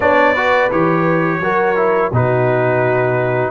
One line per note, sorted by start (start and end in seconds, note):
0.00 0.70 B3
0.00 0.35 D4
0.00 0.33 C#5
0.00 0.70 D5
0.33 0.71 F#4
0.33 1.39 B4
0.71 1.39 E3
0.71 1.41 G4
0.71 2.12 C#5
1.39 2.10 F#3
1.39 1.76 F#4
1.39 2.11 A#4
1.76 2.11 E4
2.11 3.50 B2
2.11 3.50 D#4
2.11 3.50 F#4
2.11 3.50 B4